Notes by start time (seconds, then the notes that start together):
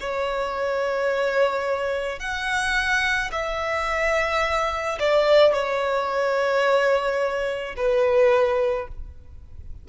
0.00 C#5
2.20 F#5
3.32 E5
4.99 D5
5.53 C#5
7.77 B4